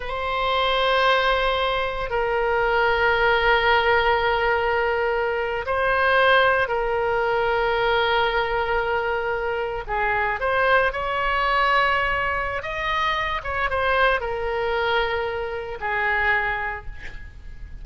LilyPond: \new Staff \with { instrumentName = "oboe" } { \time 4/4 \tempo 4 = 114 c''1 | ais'1~ | ais'2~ ais'8. c''4~ c''16~ | c''8. ais'2.~ ais'16~ |
ais'2~ ais'8. gis'4 c''16~ | c''8. cis''2.~ cis''16 | dis''4. cis''8 c''4 ais'4~ | ais'2 gis'2 | }